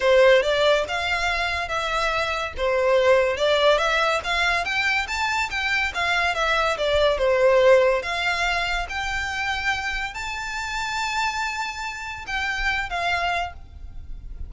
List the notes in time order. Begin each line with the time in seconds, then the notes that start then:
0.00 C5
0.42 D5
0.88 F5
1.68 E5
2.57 C5
3.36 D5
3.78 E5
4.23 F5
4.64 G5
5.07 A5
5.50 G5
5.94 F5
6.35 E5
6.77 D5
7.18 C5
8.02 F5
8.89 G5
10.14 A5
12.27 G5
12.89 F5